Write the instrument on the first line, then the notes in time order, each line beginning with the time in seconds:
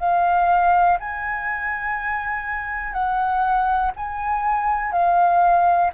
flute
0.00 F5
1.00 G#5
2.93 F#5
3.96 G#5
4.92 F5